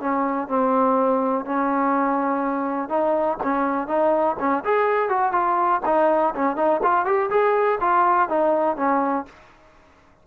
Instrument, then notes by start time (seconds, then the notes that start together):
trombone
0.00 C#4
0.48 C4
1.45 C#4
2.89 D#4
3.43 C#4
3.87 D#4
4.39 C#4
4.64 G#4
5.09 F#4
5.32 F4
5.85 D#4
6.35 C#4
6.56 D#4
6.83 F4
7.05 G4
7.30 G#4
7.80 F4
8.29 D#4
8.76 C#4